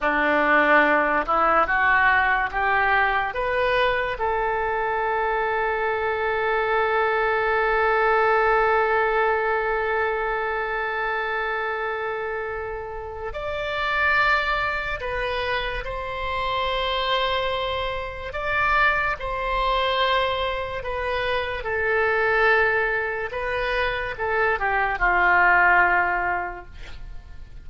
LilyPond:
\new Staff \with { instrumentName = "oboe" } { \time 4/4 \tempo 4 = 72 d'4. e'8 fis'4 g'4 | b'4 a'2.~ | a'1~ | a'1 |
d''2 b'4 c''4~ | c''2 d''4 c''4~ | c''4 b'4 a'2 | b'4 a'8 g'8 f'2 | }